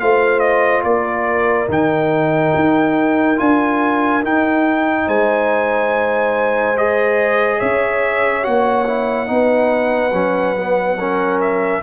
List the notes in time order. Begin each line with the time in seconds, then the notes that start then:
0.00 A3 F4 C5 F5
0.39 D#5
0.84 A#3 A#4 D5
1.69 D#3 D#4 G5
2.55 D#4
3.37 D4 F4 G#5
4.22 D#4 G5
5.06 G#3 C5 G#5
6.78 G#4 D#5
7.59 C#4 C#5 E5
8.43 A#3 F#4 F#5
8.87 E4
9.27 B3 D#4 B4
10.13 F#3 C#4
10.56 B3
10.98 C#4 A#4
11.41 E5